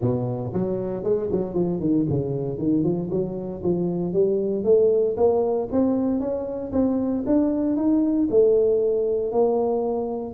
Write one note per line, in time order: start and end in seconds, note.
0.01 0.52 B2
0.53 1.03 F#3
1.03 1.29 G#3
1.31 1.54 F#3
1.54 1.80 F3
1.80 2.05 D#3
2.09 2.58 C#3
2.58 2.83 D#3
2.83 3.09 F3
3.10 3.62 F#3
3.63 4.13 F3
4.13 4.64 G3
4.64 5.16 A3
5.16 5.68 A#3
5.71 6.20 C4
6.20 6.71 C#4
6.72 7.24 C4
7.26 7.76 D4
7.76 8.28 D#4
8.30 9.32 A3
9.32 10.34 A#3